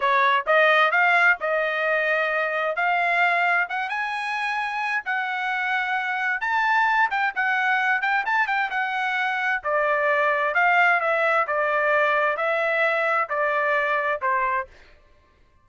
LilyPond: \new Staff \with { instrumentName = "trumpet" } { \time 4/4 \tempo 4 = 131 cis''4 dis''4 f''4 dis''4~ | dis''2 f''2 | fis''8 gis''2~ gis''8 fis''4~ | fis''2 a''4. g''8 |
fis''4. g''8 a''8 g''8 fis''4~ | fis''4 d''2 f''4 | e''4 d''2 e''4~ | e''4 d''2 c''4 | }